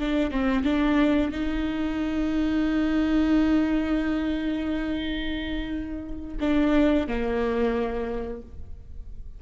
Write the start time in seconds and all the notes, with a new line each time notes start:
0.00 D4
0.31 C4
0.64 D4
1.32 D#4
6.41 D4
7.08 A#3